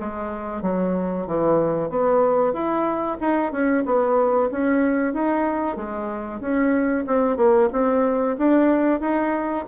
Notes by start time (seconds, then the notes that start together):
0.00 G#3
0.62 F#3
1.27 E3
1.90 B3
2.53 E4
3.21 D#4
3.52 C#4
3.86 B3
4.51 C#4
5.13 D#4
5.76 G#3
6.40 C#4
7.07 C4
7.37 A#3
7.72 C4
8.38 D4
9.01 D#4